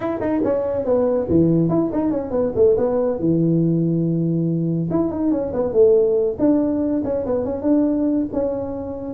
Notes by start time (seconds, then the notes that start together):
0.00 E4
0.20 D#4
0.44 C#4
0.84 B3
1.29 E3
1.69 E4
1.92 D#4
2.10 C#4
2.31 B3
2.55 A3
2.77 B3
3.19 E3
4.90 E4
5.11 D#4
5.31 C#4
5.53 B3
5.73 A3
6.38 D4
7.04 C#4
7.26 B3
7.44 C#4
7.62 D4
8.32 C#4